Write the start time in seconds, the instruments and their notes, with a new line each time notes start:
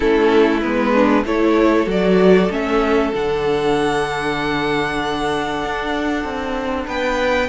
0.00 cello A3, viola C#4, violin E4 A4
0.61 cello G#3, viola B3, violin B4
0.93 violin D4
1.24 cello A3, viola E4, violin A4 C#5
1.86 cello F#3, viola F#4, violin D5
2.49 cello A3, viola C#4, violin E5
3.13 cello D3, viola D4, violin F#5
5.64 cello D4
6.23 cello C4
6.86 cello B3, violin B4 G5